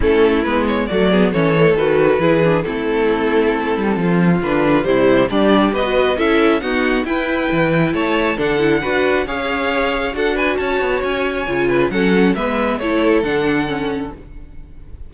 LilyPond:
<<
  \new Staff \with { instrumentName = "violin" } { \time 4/4 \tempo 4 = 136 a'4 b'8 cis''8 d''4 cis''4 | b'2 a'2~ | a'2 b'4 c''4 | d''4 dis''4 e''4 fis''4 |
g''2 a''4 fis''4~ | fis''4 f''2 fis''8 gis''8 | a''4 gis''2 fis''4 | e''4 cis''4 fis''2 | }
  \new Staff \with { instrumentName = "violin" } { \time 4/4 e'2 fis'8 gis'8 a'4~ | a'4 gis'4 e'2~ | e'4 f'2 e'4 | d'4 b'4 a'4 fis'4 |
b'2 cis''4 a'4 | b'4 cis''2 a'8 b'8 | cis''2~ cis''8 b'8 a'4 | b'4 a'2. | }
  \new Staff \with { instrumentName = "viola" } { \time 4/4 cis'4 b4 a8 b8 cis'8 a8 | fis'4 e'8 d'8 c'2~ | c'2 d'4 g4 | g'4~ g'16 fis'8. e'4 b4 |
e'2. d'8 e'8 | fis'4 gis'2 fis'4~ | fis'2 f'4 cis'4 | b4 e'4 d'4 cis'4 | }
  \new Staff \with { instrumentName = "cello" } { \time 4/4 a4 gis4 fis4 e4 | dis4 e4 a2~ | a8 g8 f4 d4 c4 | g4 b4 cis'4 dis'4 |
e'4 e4 a4 d4 | d'4 cis'2 d'4 | cis'8 b8 cis'4 cis4 fis4 | gis4 a4 d2 | }
>>